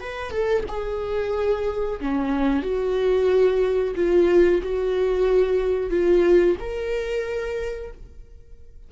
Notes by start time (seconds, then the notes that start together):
0.00 B4
0.31 A4
0.68 G#4
2.00 C#4
2.63 F#4
3.96 F4
4.62 F#4
5.90 F4
6.60 A#4